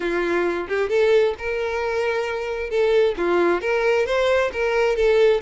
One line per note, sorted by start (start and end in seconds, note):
0.00 0.67 F4
0.68 0.89 G4
0.89 1.34 A4
1.38 2.69 A#4
2.69 3.15 A4
3.17 3.61 F4
3.61 4.06 A#4
4.06 4.51 C5
4.52 4.95 A#4
4.95 5.41 A4